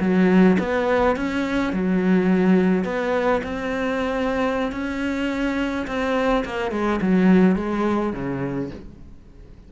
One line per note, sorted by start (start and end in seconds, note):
0.00 0.57 F#3
0.59 1.16 B3
1.16 1.73 C#4
1.73 2.84 F#3
2.84 3.41 B3
3.43 4.72 C4
4.72 5.86 C#4
5.87 6.44 C4
6.45 6.71 A#3
6.71 7.00 G#3
7.01 7.56 F#3
7.56 8.13 G#3
8.13 8.70 C#3